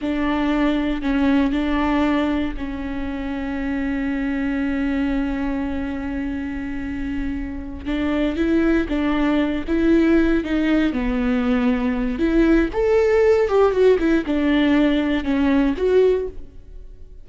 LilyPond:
\new Staff \with { instrumentName = "viola" } { \time 4/4 \tempo 4 = 118 d'2 cis'4 d'4~ | d'4 cis'2.~ | cis'1~ | cis'2.~ cis'8 d'8~ |
d'8 e'4 d'4. e'4~ | e'8 dis'4 b2~ b8 | e'4 a'4. g'8 fis'8 e'8 | d'2 cis'4 fis'4 | }